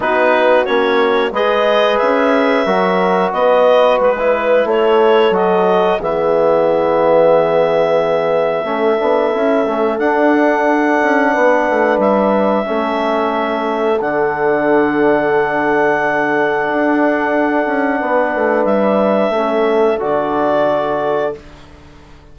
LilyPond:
<<
  \new Staff \with { instrumentName = "clarinet" } { \time 4/4 \tempo 4 = 90 b'4 cis''4 dis''4 e''4~ | e''4 dis''4 b'4 cis''4 | dis''4 e''2.~ | e''2. fis''4~ |
fis''2 e''2~ | e''4 fis''2.~ | fis''1 | e''2 d''2 | }
  \new Staff \with { instrumentName = "horn" } { \time 4/4 fis'2 b'2 | ais'4 b'2 a'4~ | a'4 gis'2.~ | gis'4 a'2.~ |
a'4 b'2 a'4~ | a'1~ | a'2. b'4~ | b'4 a'2. | }
  \new Staff \with { instrumentName = "trombone" } { \time 4/4 dis'4 cis'4 gis'2 | fis'2~ fis'16 e'4.~ e'16 | fis'4 b2.~ | b4 cis'8 d'8 e'8 cis'8 d'4~ |
d'2. cis'4~ | cis'4 d'2.~ | d'1~ | d'4 cis'4 fis'2 | }
  \new Staff \with { instrumentName = "bassoon" } { \time 4/4 b4 ais4 gis4 cis'4 | fis4 b4 gis4 a4 | fis4 e2.~ | e4 a8 b8 cis'8 a8 d'4~ |
d'8 cis'8 b8 a8 g4 a4~ | a4 d2.~ | d4 d'4. cis'8 b8 a8 | g4 a4 d2 | }
>>